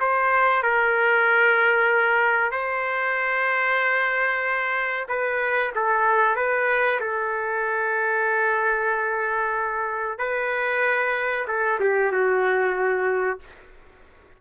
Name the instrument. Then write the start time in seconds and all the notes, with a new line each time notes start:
trumpet
0.00 C5
0.63 A#4
2.52 C5
5.08 B4
5.75 A4
6.36 B4
7.00 A4
10.18 B4
11.48 A4
11.80 G4
12.12 F#4